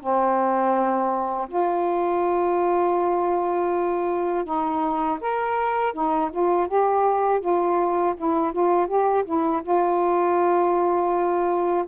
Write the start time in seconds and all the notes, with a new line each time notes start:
0.00 C4
1.48 F4
4.44 D#4
5.21 A#4
5.93 D#4
6.31 F4
6.68 G4
7.40 F4
8.16 E4
8.53 F4
8.87 G4
9.25 E4
9.63 F4